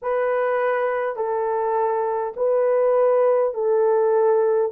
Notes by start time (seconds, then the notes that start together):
0.02 B4
1.16 A4
2.36 B4
3.53 A4